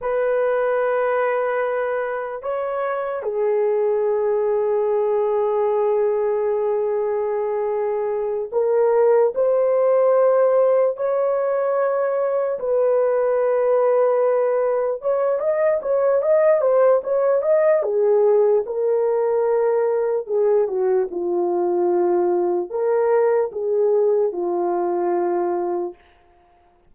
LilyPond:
\new Staff \with { instrumentName = "horn" } { \time 4/4 \tempo 4 = 74 b'2. cis''4 | gis'1~ | gis'2~ gis'8 ais'4 c''8~ | c''4. cis''2 b'8~ |
b'2~ b'8 cis''8 dis''8 cis''8 | dis''8 c''8 cis''8 dis''8 gis'4 ais'4~ | ais'4 gis'8 fis'8 f'2 | ais'4 gis'4 f'2 | }